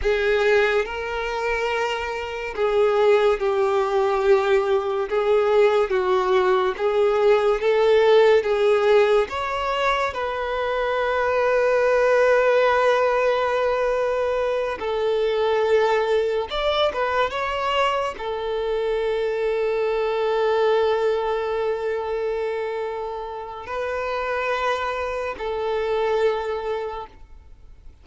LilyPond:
\new Staff \with { instrumentName = "violin" } { \time 4/4 \tempo 4 = 71 gis'4 ais'2 gis'4 | g'2 gis'4 fis'4 | gis'4 a'4 gis'4 cis''4 | b'1~ |
b'4. a'2 d''8 | b'8 cis''4 a'2~ a'8~ | a'1 | b'2 a'2 | }